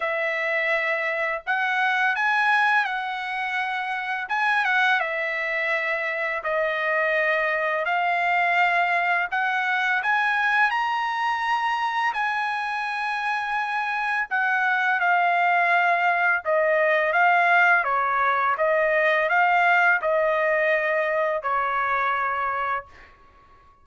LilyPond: \new Staff \with { instrumentName = "trumpet" } { \time 4/4 \tempo 4 = 84 e''2 fis''4 gis''4 | fis''2 gis''8 fis''8 e''4~ | e''4 dis''2 f''4~ | f''4 fis''4 gis''4 ais''4~ |
ais''4 gis''2. | fis''4 f''2 dis''4 | f''4 cis''4 dis''4 f''4 | dis''2 cis''2 | }